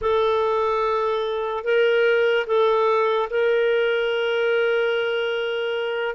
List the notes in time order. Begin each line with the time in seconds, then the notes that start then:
0.01 A4
1.64 A#4
2.47 A4
3.30 A#4